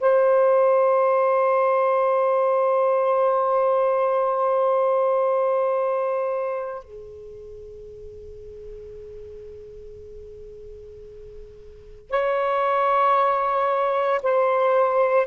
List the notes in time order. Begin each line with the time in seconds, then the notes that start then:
0.00 C5
6.84 G#4
12.10 C#5
14.22 C5